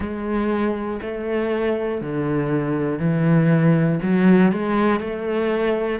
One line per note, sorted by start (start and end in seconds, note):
0.00 1.00 G#3
1.01 2.00 A3
2.00 2.99 D3
2.99 3.99 E3
4.02 4.52 F#3
4.52 5.00 G#3
5.00 5.99 A3